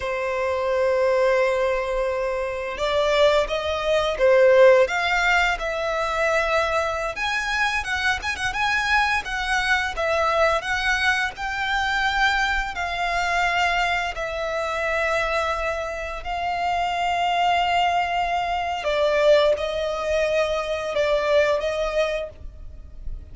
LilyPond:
\new Staff \with { instrumentName = "violin" } { \time 4/4 \tempo 4 = 86 c''1 | d''4 dis''4 c''4 f''4 | e''2~ e''16 gis''4 fis''8 gis''16 | fis''16 gis''4 fis''4 e''4 fis''8.~ |
fis''16 g''2 f''4.~ f''16~ | f''16 e''2. f''8.~ | f''2. d''4 | dis''2 d''4 dis''4 | }